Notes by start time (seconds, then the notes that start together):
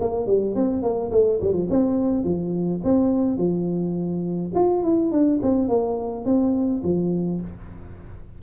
0.00 A#3
0.26 G3
0.55 C4
0.82 A#3
1.11 A3
1.41 G3
1.53 F3
1.70 C4
2.24 F3
2.84 C4
3.38 F3
4.55 F4
4.83 E4
5.11 D4
5.43 C4
5.68 A#3
6.25 C4
6.84 F3